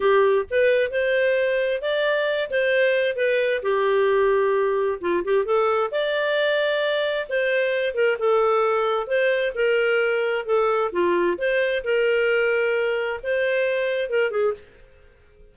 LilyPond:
\new Staff \with { instrumentName = "clarinet" } { \time 4/4 \tempo 4 = 132 g'4 b'4 c''2 | d''4. c''4. b'4 | g'2. f'8 g'8 | a'4 d''2. |
c''4. ais'8 a'2 | c''4 ais'2 a'4 | f'4 c''4 ais'2~ | ais'4 c''2 ais'8 gis'8 | }